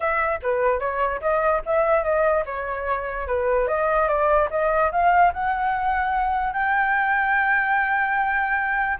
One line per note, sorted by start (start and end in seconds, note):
0.00 0.39 E5
0.42 0.79 B4
0.79 1.20 C#5
1.21 1.62 D#5
1.65 2.03 E5
2.03 2.44 D#5
2.45 3.27 C#5
3.27 3.67 B4
3.67 4.08 D#5
4.08 4.48 D5
4.50 4.91 D#5
4.91 5.32 F5
5.33 6.53 F#5
6.53 8.98 G5